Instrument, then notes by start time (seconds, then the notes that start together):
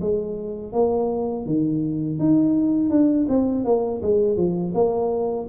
tuba
0.00 G#3
0.72 A#3
1.45 D#3
2.19 D#4
2.90 D4
3.28 C4
3.65 A#3
4.02 G#3
4.36 F3
4.74 A#3